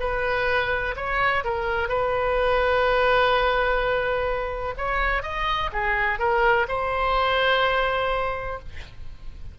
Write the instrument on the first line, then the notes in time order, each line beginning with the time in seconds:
oboe
0.00 B4
0.96 C#5
1.45 A#4
1.89 B4
4.77 C#5
5.23 D#5
5.73 G#4
6.19 A#4
6.68 C5